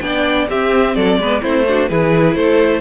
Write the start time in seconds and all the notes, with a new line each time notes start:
0.00 B3 D4 D5 G5
0.49 C4 G4 E5
0.95 F#3 A4 D5
1.17 G#3 B3 B4
1.42 A3 C4 E4 C5
1.68 D4 F#4
1.88 E3 E4 G#4 B4
2.35 A3 A4 C5